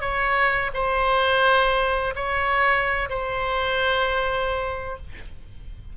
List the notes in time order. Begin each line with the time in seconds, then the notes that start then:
0.00 C#5
0.73 C5
2.15 C#5
3.09 C5